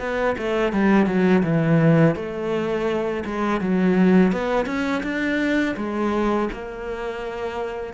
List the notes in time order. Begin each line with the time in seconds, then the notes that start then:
0.00 B3
0.38 A3
0.73 G3
1.07 F#3
1.43 E3
2.16 A3
3.25 G#3
3.61 F#3
4.32 B3
4.66 C#4
5.03 D4
5.77 G#3
6.53 A#3